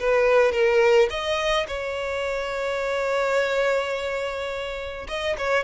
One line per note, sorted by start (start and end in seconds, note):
0.00 0.53 B4
0.53 1.09 A#4
1.10 1.67 D#5
1.68 5.08 C#5
5.08 5.37 D#5
5.39 5.64 C#5